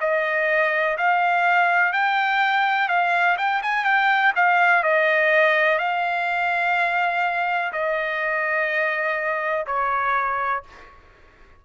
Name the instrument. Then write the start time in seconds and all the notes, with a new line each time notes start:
trumpet
0.00 D#5
0.97 F5
1.92 G5
2.88 F5
3.37 G5
3.62 G#5
3.84 G5
4.35 F5
4.83 D#5
5.78 F5
7.72 D#5
9.66 C#5